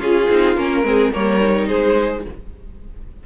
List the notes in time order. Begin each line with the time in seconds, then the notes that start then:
0.00 C#4 F4 G#4
0.30 C4 D#4
0.57 A#3 C#4 A#4
0.83 G#3 C4 G#4
1.12 G3 A#3 A#4 C#5
1.41 D#4
1.68 G#3 G#4 C5